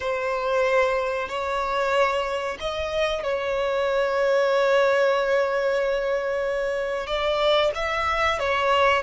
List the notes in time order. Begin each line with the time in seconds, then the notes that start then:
0.00 C5
1.28 C#5
2.60 D#5
3.23 C#5
7.06 D5
7.74 E5
8.39 C#5